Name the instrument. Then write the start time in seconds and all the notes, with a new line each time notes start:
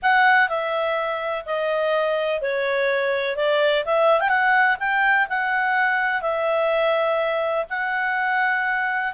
clarinet
0.02 F#5
0.48 E5
1.45 D#5
2.41 C#5
3.36 D5
3.85 E5
4.20 G5
4.28 F#5
4.79 G5
5.29 F#5
6.21 E5
7.69 F#5